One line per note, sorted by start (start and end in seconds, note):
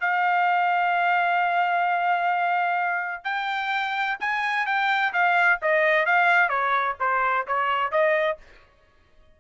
0.00 3.24 F5
3.24 4.17 G5
4.20 4.66 G#5
4.66 5.12 G5
5.13 5.59 F5
5.62 6.06 D#5
6.06 6.49 F5
6.49 6.95 C#5
7.00 7.46 C5
7.47 7.91 C#5
7.91 8.38 D#5